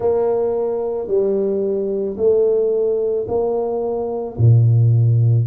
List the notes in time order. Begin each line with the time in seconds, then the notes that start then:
0.00 A#3
1.07 G3
2.17 A3
3.27 A#3
4.37 A#2